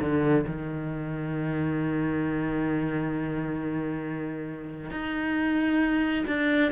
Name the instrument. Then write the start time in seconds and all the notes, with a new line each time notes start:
cello
0.00 D3
0.46 D#3
4.91 D#4
6.27 D4